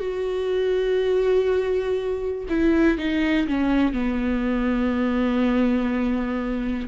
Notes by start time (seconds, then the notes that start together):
0.00 F#4
2.49 E4
2.98 D#4
3.47 C#4
3.93 B3